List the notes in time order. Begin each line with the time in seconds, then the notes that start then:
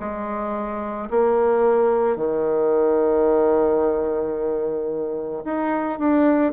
0.00 G#3
1.11 A#3
2.17 D#3
5.45 D#4
6.00 D4